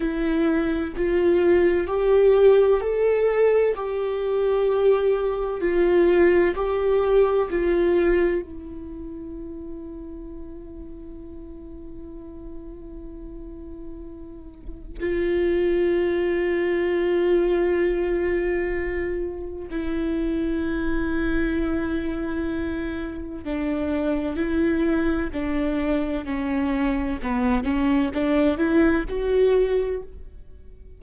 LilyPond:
\new Staff \with { instrumentName = "viola" } { \time 4/4 \tempo 4 = 64 e'4 f'4 g'4 a'4 | g'2 f'4 g'4 | f'4 e'2.~ | e'1 |
f'1~ | f'4 e'2.~ | e'4 d'4 e'4 d'4 | cis'4 b8 cis'8 d'8 e'8 fis'4 | }